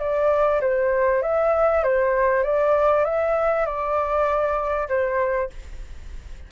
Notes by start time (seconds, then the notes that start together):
0.00 D5
0.62 C5
1.22 E5
1.84 C5
2.44 D5
3.05 E5
3.66 D5
4.89 C5